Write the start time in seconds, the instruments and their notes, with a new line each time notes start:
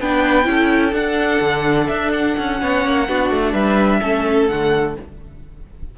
0.00 cello B3, viola D4, violin B4 G5
0.44 cello C#4, viola E4
0.50 violin A4
0.93 cello D4, viola D4, violin F#5
1.41 cello D3
1.88 cello D4, violin E5
2.13 violin F#5
2.38 cello C#4
2.59 cello B3, viola C#4, violin C#5
2.85 cello A#3
3.08 cello B3, viola D4, violin F#4
3.31 cello A3
3.53 cello G3, violin B4 E5
4.01 cello A3, viola C#4, violin A4
4.47 cello D3, viola A3, violin F#5